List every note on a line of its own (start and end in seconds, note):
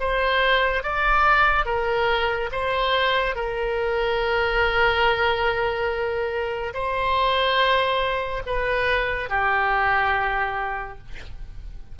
0.00 0.83 C5
0.83 1.66 D5
1.66 2.50 A#4
2.52 3.35 C5
3.35 6.73 A#4
6.74 8.43 C5
8.46 9.30 B4
9.30 10.99 G4